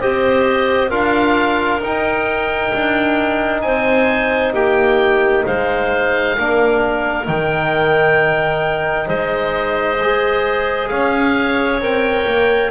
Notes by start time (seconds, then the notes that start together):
0.00 C4 G4 C5 D#5
0.90 D4 F4 A#4 F5
1.81 D#4 G5
2.74 D4
3.62 C4 C5 G#5
4.53 A#3 G4 G5
5.45 G#3 C5 F5
6.39 A#3 D4 A#4
7.25 D#3 D#4 G5
9.06 G#3 C5 D#5
10.02 G#4
10.88 C#4 C#5 F5
11.81 C4 A#4 G5
12.27 A#3